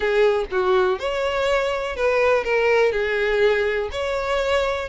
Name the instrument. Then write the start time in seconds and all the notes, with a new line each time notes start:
violin
0.00 G#4
0.51 F#4
0.99 C#5
1.96 B4
2.44 A#4
2.92 G#4
3.91 C#5